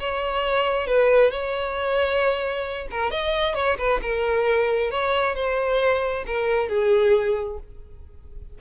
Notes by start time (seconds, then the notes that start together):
0.00 C#5
0.88 B4
1.31 C#5
2.91 A#4
3.11 D#5
3.55 C#5
3.78 B4
4.02 A#4
4.91 C#5
5.35 C5
6.27 A#4
6.69 G#4